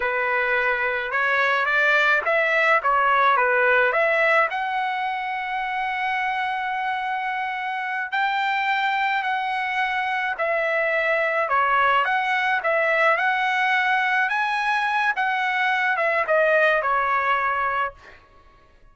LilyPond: \new Staff \with { instrumentName = "trumpet" } { \time 4/4 \tempo 4 = 107 b'2 cis''4 d''4 | e''4 cis''4 b'4 e''4 | fis''1~ | fis''2~ fis''8 g''4.~ |
g''8 fis''2 e''4.~ | e''8 cis''4 fis''4 e''4 fis''8~ | fis''4. gis''4. fis''4~ | fis''8 e''8 dis''4 cis''2 | }